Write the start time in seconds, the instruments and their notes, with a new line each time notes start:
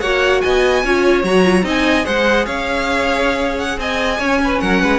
0.00 cello A#3, viola F#4, violin C#5 F#5
0.41 cello B3, violin D#5 G#5
0.84 cello C#4, viola F4, violin C#5
1.23 cello F#3, viola F#4, violin A#5
1.44 viola F4
1.63 cello C4, viola D#4, violin D#5
1.69 violin G#5
2.03 cello G#3, viola G#4, violin C5 F#5
2.45 cello C#4, violin C#5 F5
3.58 violin F#5
3.78 cello C4, violin D#5 G#5
4.19 cello C#4, viola C#4, violin C#5
4.44 violin B4
4.60 cello F#3, violin A#4 F#5
4.81 cello G#3, violin B4